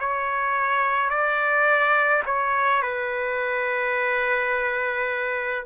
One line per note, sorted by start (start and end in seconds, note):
0.00 1.10 C#5
1.10 2.23 D5
2.26 2.83 C#5
2.83 5.66 B4